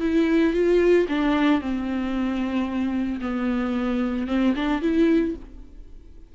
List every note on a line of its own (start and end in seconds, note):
0.00 0.53 E4
0.53 1.06 F4
1.08 1.61 D4
1.61 3.20 C4
3.21 4.27 B3
4.27 4.53 C4
4.55 4.82 D4
4.82 5.35 E4